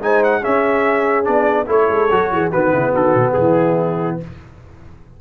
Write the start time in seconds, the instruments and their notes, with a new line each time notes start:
0.00 tuba G#3, trombone D#4, horn C5, trumpet G#5
0.23 trumpet F#5
0.40 trombone C#4, tuba C#4, horn G#4, trumpet E5
1.23 tuba B3, trombone D4, trumpet D5
1.65 tuba A3, trombone E4, horn A4, trumpet C#5
1.89 tuba G#3
2.10 tuba F#3, trombone F#4
2.31 tuba E3, horn G#4
2.50 tuba D#3, trombone B3, horn F#4, trumpet B4
2.72 tuba C#3, horn E4
2.92 tuba D#3, horn F#4, trumpet A4
3.14 tuba B2
3.33 tuba E3, horn E4, trumpet G#4